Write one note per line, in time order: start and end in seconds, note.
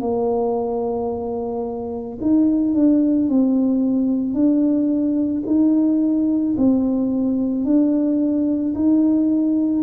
0.00 2.18 A#3
2.21 2.74 D#4
2.74 3.29 D4
3.29 4.34 C4
4.34 5.43 D4
5.46 6.56 D#4
6.57 7.65 C4
7.65 8.74 D4
8.75 9.83 D#4